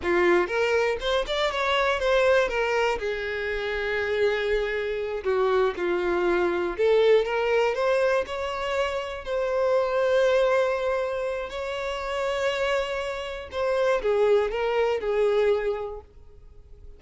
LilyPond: \new Staff \with { instrumentName = "violin" } { \time 4/4 \tempo 4 = 120 f'4 ais'4 c''8 d''8 cis''4 | c''4 ais'4 gis'2~ | gis'2~ gis'8 fis'4 f'8~ | f'4. a'4 ais'4 c''8~ |
c''8 cis''2 c''4.~ | c''2. cis''4~ | cis''2. c''4 | gis'4 ais'4 gis'2 | }